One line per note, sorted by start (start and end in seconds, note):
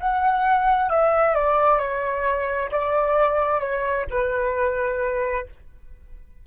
0.00 0.90 F#5
0.90 1.35 E5
1.35 1.79 D5
1.79 2.70 C#5
2.72 3.60 D5
3.60 4.06 C#5
4.10 5.47 B4